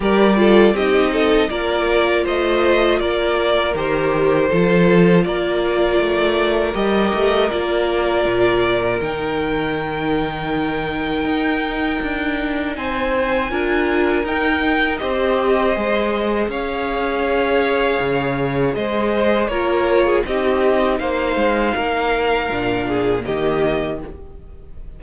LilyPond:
<<
  \new Staff \with { instrumentName = "violin" } { \time 4/4 \tempo 4 = 80 d''4 dis''4 d''4 dis''4 | d''4 c''2 d''4~ | d''4 dis''4 d''2 | g''1~ |
g''4 gis''2 g''4 | dis''2 f''2~ | f''4 dis''4 cis''4 dis''4 | f''2. dis''4 | }
  \new Staff \with { instrumentName = "violin" } { \time 4/4 ais'8 a'8 g'8 a'8 ais'4 c''4 | ais'2 a'4 ais'4~ | ais'1~ | ais'1~ |
ais'4 c''4 ais'2 | c''2 cis''2~ | cis''4 c''4 ais'8. gis'16 g'4 | c''4 ais'4. gis'8 g'4 | }
  \new Staff \with { instrumentName = "viola" } { \time 4/4 g'8 f'8 dis'4 f'2~ | f'4 g'4 f'2~ | f'4 g'4 f'2 | dis'1~ |
dis'2 f'4 dis'4 | g'4 gis'2.~ | gis'2 f'4 dis'4~ | dis'2 d'4 ais4 | }
  \new Staff \with { instrumentName = "cello" } { \time 4/4 g4 c'4 ais4 a4 | ais4 dis4 f4 ais4 | a4 g8 a8 ais4 ais,4 | dis2. dis'4 |
d'4 c'4 d'4 dis'4 | c'4 gis4 cis'2 | cis4 gis4 ais4 c'4 | ais8 gis8 ais4 ais,4 dis4 | }
>>